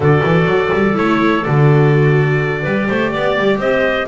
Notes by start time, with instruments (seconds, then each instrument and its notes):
0.00 double bass D3, viola F#4, clarinet A4, trumpet D5
0.23 double bass E3
0.45 double bass F#3
0.73 double bass G3
0.94 double bass A3, viola E4, trumpet C#5
1.43 double bass D3, viola F#4, trumpet D5
2.62 double bass G3, viola G4, clarinet B4
2.88 double bass A3, clarinet C5
3.10 double bass B3, clarinet D5
3.38 double bass G3
3.57 double bass C4, clarinet C5, trumpet D#5